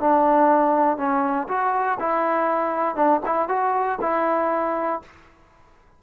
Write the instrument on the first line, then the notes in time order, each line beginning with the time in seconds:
trombone
0.00 D4
0.97 C#4
1.48 F#4
1.99 E4
2.95 D4
3.25 E4
3.48 F#4
4.01 E4